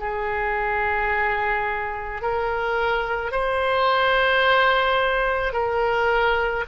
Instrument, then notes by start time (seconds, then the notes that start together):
oboe
0.00 G#4
2.22 A#4
3.32 C5
5.54 A#4